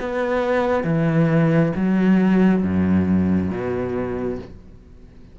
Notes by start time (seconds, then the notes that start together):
0.00 B3
0.83 E3
1.75 F#3
2.63 F#2
3.50 B2